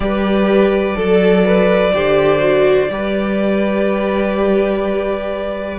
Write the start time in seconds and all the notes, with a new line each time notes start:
0.00 G3 G4 B4 D5
0.95 F#3 A4
1.45 B4
1.93 D3 G4 C5
2.39 F#4
2.89 G3 G4 B4